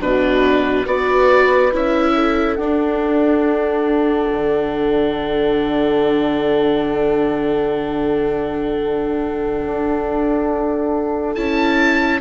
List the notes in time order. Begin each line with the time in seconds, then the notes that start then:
0.00 B2 D4 F#4 B4
0.86 B3 F#4 B4 D5
1.72 C#4 E4 E5
2.15 A4
2.56 D4 F#5
4.32 D3
9.66 D4
11.36 C#4 E4 A5